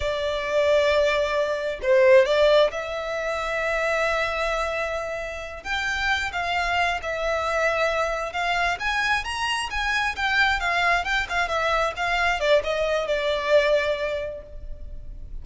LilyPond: \new Staff \with { instrumentName = "violin" } { \time 4/4 \tempo 4 = 133 d''1 | c''4 d''4 e''2~ | e''1~ | e''8 g''4. f''4. e''8~ |
e''2~ e''8 f''4 gis''8~ | gis''8 ais''4 gis''4 g''4 f''8~ | f''8 g''8 f''8 e''4 f''4 d''8 | dis''4 d''2. | }